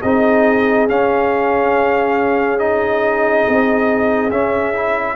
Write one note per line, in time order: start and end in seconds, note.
0.00 0.88 C4
0.00 0.89 D#4
0.00 5.14 G#4
0.00 0.87 D#5
0.88 3.45 C#4
0.88 2.59 C#4
0.88 2.59 F5
2.59 4.30 D#4
2.59 4.30 D#5
3.48 4.30 C4
4.30 5.16 C#4
4.30 4.73 C#4
4.30 5.16 E5
4.73 5.16 E4